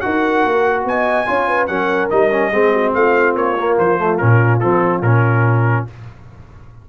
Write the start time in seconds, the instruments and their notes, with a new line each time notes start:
0.00 tuba D#4, trombone F#4, horn A#4, trumpet F#5
0.44 tuba A#3
0.84 tuba B3, horn D#5, trumpet G#5
1.26 tuba C#4, trombone F4, horn C#5
1.48 horn B4
1.67 tuba F#3, trombone C#4, horn A#4, trumpet F#5
2.10 tuba G3, trombone D#4, trumpet D#5
2.31 trombone C#4
2.52 tuba G#3, trombone C4, horn G#4
2.73 horn F#4
2.94 tuba A3, horn F4, trumpet F5
3.35 tuba A#3, trumpet C#5
3.59 trombone A#3
3.78 tuba F3, trumpet C5
3.99 trombone A3
4.18 tuba A#2, trombone C#4, trumpet A#4
4.60 tuba F3, trombone C4, trumpet A4
5.02 tuba A#2, trombone C#4, trumpet A#4